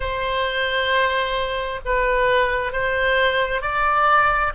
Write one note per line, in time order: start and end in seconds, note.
0.00 1.80 C5
1.85 2.72 B4
2.72 3.61 C5
3.61 4.52 D5